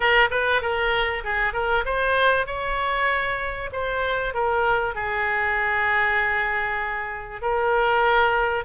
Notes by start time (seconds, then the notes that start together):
0.00 A#4
0.30 B4
0.61 A#4
1.24 G#4
1.53 A#4
1.85 C5
2.46 C#5
3.72 C5
4.34 A#4
4.94 G#4
7.41 A#4